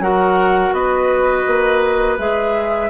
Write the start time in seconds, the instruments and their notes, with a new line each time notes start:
0.00 bassoon F#3, clarinet F#4, oboe A#4, flute F#5
0.73 bassoon B3, oboe B4, flute D#5
1.47 bassoon A#3
2.19 bassoon G#3, clarinet G#4, flute E5